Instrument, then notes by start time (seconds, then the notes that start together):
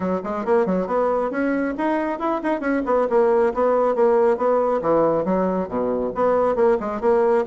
bassoon
0.00 F#3
0.23 G#3
0.45 A#3
0.66 F#3
0.87 B3
1.30 C#4
1.77 D#4
2.19 E4
2.43 D#4
2.60 C#4
2.85 B3
3.09 A#3
3.54 B3
3.95 A#3
4.37 B3
4.81 E3
5.25 F#3
5.68 B2
6.15 B3
6.55 A#3
6.80 G#3
7.01 A#3